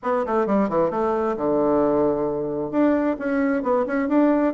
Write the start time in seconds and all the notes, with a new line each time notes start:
0.02 B3
0.26 A3
0.46 G3
0.69 E3
0.90 A3
1.36 D3
2.71 D4
3.19 C#4
3.62 B3
3.86 C#4
4.08 D4